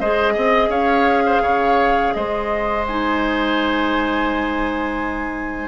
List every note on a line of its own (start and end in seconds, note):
0.00 0.36 G#3
0.00 2.87 G#4
0.00 0.33 C5
0.00 0.71 D#5
0.33 0.68 C4
0.33 0.69 D#5
0.68 1.40 C#4
0.68 1.23 C#5
0.68 2.13 F5
1.26 1.42 C5
1.41 2.12 C#3
1.41 2.13 C#5
2.13 5.68 G#3
2.13 5.68 C5
2.13 2.85 D#5
2.87 5.68 D#4
2.87 5.68 G#5